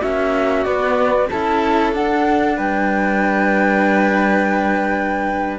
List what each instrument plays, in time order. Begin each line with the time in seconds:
0.00 cello A#3 C#4, violin F#4, flute E5
0.64 cello B3, flute D5
1.30 cello C#4 E4, violin A4, flute A5
1.93 cello D4, flute F#5
2.57 cello G3, violin B4, flute G5